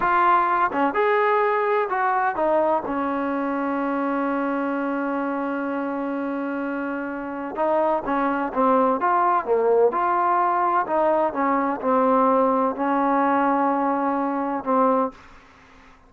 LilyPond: \new Staff \with { instrumentName = "trombone" } { \time 4/4 \tempo 4 = 127 f'4. cis'8 gis'2 | fis'4 dis'4 cis'2~ | cis'1~ | cis'1 |
dis'4 cis'4 c'4 f'4 | ais4 f'2 dis'4 | cis'4 c'2 cis'4~ | cis'2. c'4 | }